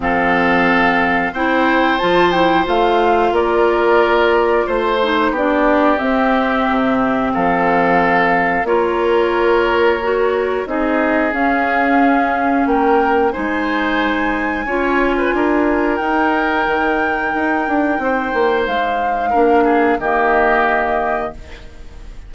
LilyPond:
<<
  \new Staff \with { instrumentName = "flute" } { \time 4/4 \tempo 4 = 90 f''2 g''4 a''8 g''8 | f''4 d''2 c''4 | d''4 e''2 f''4~ | f''4 cis''2. |
dis''4 f''2 g''4 | gis''1 | g''1 | f''2 dis''2 | }
  \new Staff \with { instrumentName = "oboe" } { \time 4/4 a'2 c''2~ | c''4 ais'2 c''4 | g'2. a'4~ | a'4 ais'2. |
gis'2. ais'4 | c''2 cis''8. b'16 ais'4~ | ais'2. c''4~ | c''4 ais'8 gis'8 g'2 | }
  \new Staff \with { instrumentName = "clarinet" } { \time 4/4 c'2 e'4 f'8 e'8 | f'2.~ f'8 dis'8 | d'4 c'2.~ | c'4 f'2 fis'4 |
dis'4 cis'2. | dis'2 f'2 | dis'1~ | dis'4 d'4 ais2 | }
  \new Staff \with { instrumentName = "bassoon" } { \time 4/4 f2 c'4 f4 | a4 ais2 a4 | b4 c'4 c4 f4~ | f4 ais2. |
c'4 cis'2 ais4 | gis2 cis'4 d'4 | dis'4 dis4 dis'8 d'8 c'8 ais8 | gis4 ais4 dis2 | }
>>